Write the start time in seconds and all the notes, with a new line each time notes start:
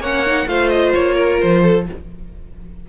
0.00 A#3 C#4 C#5 F#5
0.27 D#4
0.47 A3 F4 C5 F5
0.69 D#5
0.94 A#3 C#5
1.15 A#4
1.41 F3 C5
1.63 A4